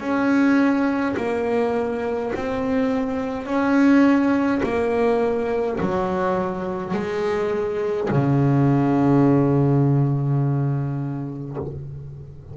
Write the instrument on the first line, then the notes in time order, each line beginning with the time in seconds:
double bass
0.00 C#4
1.16 A#3
2.35 C4
3.46 C#4
4.63 A#3
5.80 F#3
6.93 G#3
8.10 C#3